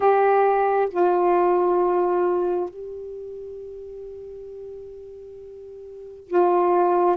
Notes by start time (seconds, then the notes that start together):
0.00 G4
0.90 F4
2.69 G4
6.27 F4